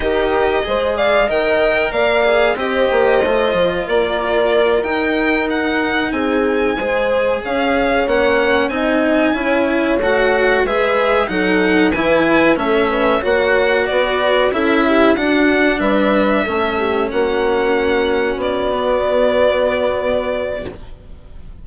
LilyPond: <<
  \new Staff \with { instrumentName = "violin" } { \time 4/4 \tempo 4 = 93 dis''4. f''8 g''4 f''4 | dis''2 d''4. g''8~ | g''8 fis''4 gis''2 f''8~ | f''8 fis''4 gis''2 fis''8~ |
fis''8 e''4 fis''4 gis''4 e''8~ | e''8 fis''4 d''4 e''4 fis''8~ | fis''8 e''2 fis''4.~ | fis''8 d''2.~ d''8 | }
  \new Staff \with { instrumentName = "horn" } { \time 4/4 ais'4 c''8 d''8 dis''4 d''4 | c''2 ais'2~ | ais'4. gis'4 c''4 cis''8~ | cis''4. dis''4 cis''4.~ |
cis''8 b'4 a'4 b'4 a'8 | b'8 cis''4 b'4 a'8 g'8 fis'8~ | fis'8 b'4 a'8 g'8 fis'4.~ | fis'1 | }
  \new Staff \with { instrumentName = "cello" } { \time 4/4 g'4 gis'4 ais'4. gis'8 | g'4 f'2~ f'8 dis'8~ | dis'2~ dis'8 gis'4.~ | gis'8 cis'4 dis'4 e'4 fis'8~ |
fis'8 gis'4 dis'4 e'4 cis'8~ | cis'8 fis'2 e'4 d'8~ | d'4. cis'2~ cis'8~ | cis'4 b2. | }
  \new Staff \with { instrumentName = "bassoon" } { \time 4/4 dis'4 gis4 dis4 ais4 | c'8 ais8 a8 f8 ais4. dis'8~ | dis'4. c'4 gis4 cis'8~ | cis'8 ais4 c'4 cis'4 a8~ |
a8 gis4 fis4 e4 a8~ | a8 ais4 b4 cis'4 d'8~ | d'8 g4 a4 ais4.~ | ais8 b2.~ b8 | }
>>